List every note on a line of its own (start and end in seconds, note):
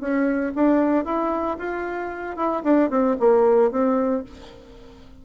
0.00 0.53 C#4
0.55 1.05 D4
1.05 1.57 E4
1.58 2.36 F4
2.36 2.62 E4
2.63 2.90 D4
2.90 3.16 C4
3.20 3.71 A#3
3.71 4.24 C4